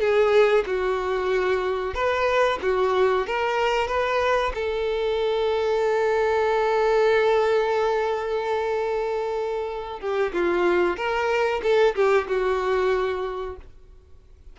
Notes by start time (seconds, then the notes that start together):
0.00 G#4
0.67 F#4
1.94 B4
2.62 F#4
3.27 A#4
3.88 B4
4.54 A4
10.00 G4
10.33 F4
10.97 A#4
11.63 A4
11.95 G4
12.28 F#4